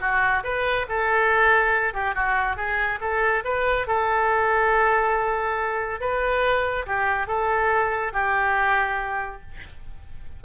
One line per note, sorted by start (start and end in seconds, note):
0.00 0.43 F#4
0.43 0.86 B4
0.88 1.93 A4
1.93 2.14 G4
2.14 2.56 F#4
2.56 2.99 G#4
3.00 3.43 A4
3.44 3.87 B4
3.87 6.00 A4
6.00 6.86 B4
6.86 7.27 G4
7.27 8.12 A4
8.13 9.41 G4